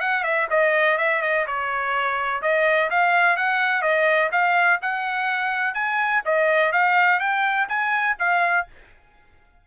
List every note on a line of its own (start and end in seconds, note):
0.00 0.23 F#5
0.23 0.47 E5
0.50 0.97 D#5
0.97 1.21 E5
1.22 1.46 D#5
1.47 2.41 C#5
2.41 2.89 D#5
2.90 3.36 F5
3.36 3.82 F#5
3.82 4.30 D#5
4.31 4.79 F5
4.81 5.74 F#5
5.74 6.22 G#5
6.25 6.72 D#5
6.72 7.19 F5
7.19 7.67 G5
7.68 8.16 G#5
8.19 8.67 F5